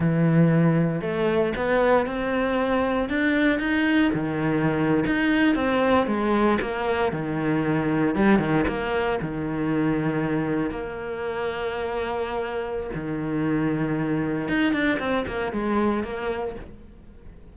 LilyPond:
\new Staff \with { instrumentName = "cello" } { \time 4/4 \tempo 4 = 116 e2 a4 b4 | c'2 d'4 dis'4 | dis4.~ dis16 dis'4 c'4 gis16~ | gis8. ais4 dis2 g16~ |
g16 dis8 ais4 dis2~ dis16~ | dis8. ais2.~ ais16~ | ais4 dis2. | dis'8 d'8 c'8 ais8 gis4 ais4 | }